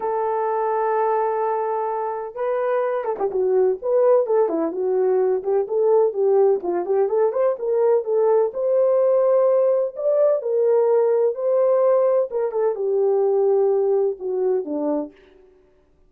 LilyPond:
\new Staff \with { instrumentName = "horn" } { \time 4/4 \tempo 4 = 127 a'1~ | a'4 b'4. a'16 g'16 fis'4 | b'4 a'8 e'8 fis'4. g'8 | a'4 g'4 f'8 g'8 a'8 c''8 |
ais'4 a'4 c''2~ | c''4 d''4 ais'2 | c''2 ais'8 a'8 g'4~ | g'2 fis'4 d'4 | }